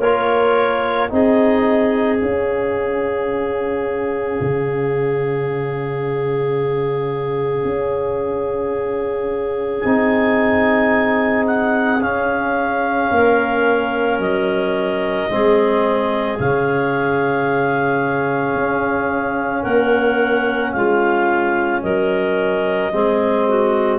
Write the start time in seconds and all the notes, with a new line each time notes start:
0.00 A#3 F4 A#4 C#5
1.09 C4 D#4 G#4 D#5
2.18 C#4 F5
4.41 C#3
7.65 C#4
9.81 C4 D#4 G#5
11.47 F#5
12.01 C#4 F5
13.11 A#3 A#4
14.19 F#3 D#5
15.30 G#3 C4 G#4
16.39 C#3 C#4 F5
18.55 C#4
19.62 A#3 A#4 F#5
20.72 G#3 F4 F5
21.82 F#3 A#4 D#5
22.92 G#3 C4 G#4
23.48 F#4